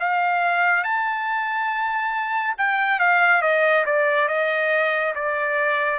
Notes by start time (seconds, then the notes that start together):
0.00 F5
0.84 A5
2.58 G5
3.00 F5
3.42 D#5
3.86 D5
4.29 D#5
5.16 D5